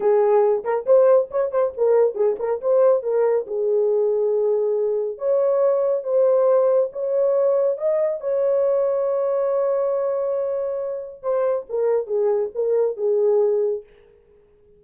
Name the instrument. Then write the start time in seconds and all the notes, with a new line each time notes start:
horn
0.00 G#4
0.64 A#4
0.86 C5
1.30 C#5
1.51 C5
1.77 A#4
2.14 G#4
2.39 A#4
2.61 C5
3.02 A#4
3.46 G#4
5.18 C#5
6.03 C5
6.92 C#5
7.77 D#5
8.20 C#5
11.22 C5
11.69 A#4
12.06 G#4
12.54 A#4
12.96 G#4